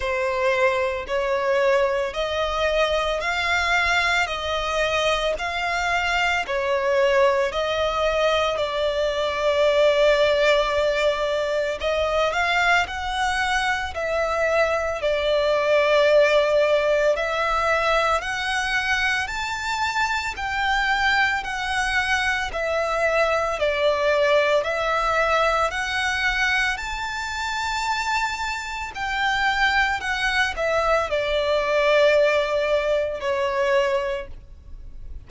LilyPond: \new Staff \with { instrumentName = "violin" } { \time 4/4 \tempo 4 = 56 c''4 cis''4 dis''4 f''4 | dis''4 f''4 cis''4 dis''4 | d''2. dis''8 f''8 | fis''4 e''4 d''2 |
e''4 fis''4 a''4 g''4 | fis''4 e''4 d''4 e''4 | fis''4 a''2 g''4 | fis''8 e''8 d''2 cis''4 | }